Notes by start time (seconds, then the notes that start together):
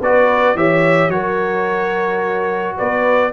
0.00 B3 F#4 B4 D5
0.55 E3 G4 C#5 E5
1.08 F#3 F#4 A#4 C#5
2.77 B3 B4 D5